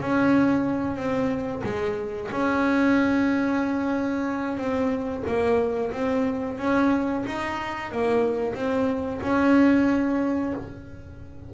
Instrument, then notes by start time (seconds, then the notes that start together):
double bass
0.00 C#4
0.96 C4
1.63 G#3
2.31 C#4
4.57 C4
5.27 A#3
5.92 C4
6.58 C#4
7.26 D#4
7.91 A#3
8.54 C4
9.21 C#4